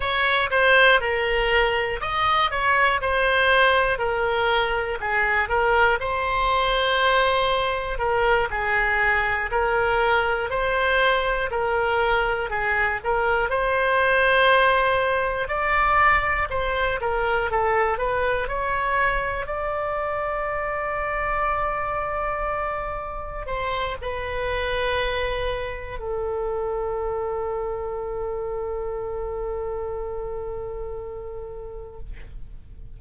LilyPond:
\new Staff \with { instrumentName = "oboe" } { \time 4/4 \tempo 4 = 60 cis''8 c''8 ais'4 dis''8 cis''8 c''4 | ais'4 gis'8 ais'8 c''2 | ais'8 gis'4 ais'4 c''4 ais'8~ | ais'8 gis'8 ais'8 c''2 d''8~ |
d''8 c''8 ais'8 a'8 b'8 cis''4 d''8~ | d''2.~ d''8 c''8 | b'2 a'2~ | a'1 | }